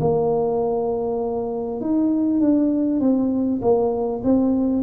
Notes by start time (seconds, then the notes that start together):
0.00 A#3
1.80 D#4
2.40 D4
3.00 C4
3.61 A#3
4.23 C4